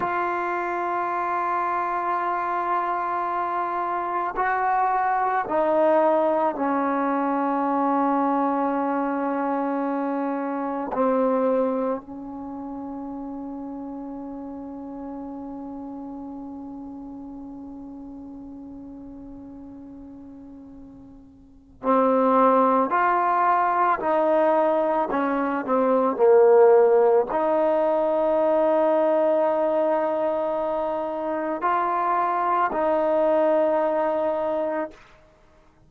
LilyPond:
\new Staff \with { instrumentName = "trombone" } { \time 4/4 \tempo 4 = 55 f'1 | fis'4 dis'4 cis'2~ | cis'2 c'4 cis'4~ | cis'1~ |
cis'1 | c'4 f'4 dis'4 cis'8 c'8 | ais4 dis'2.~ | dis'4 f'4 dis'2 | }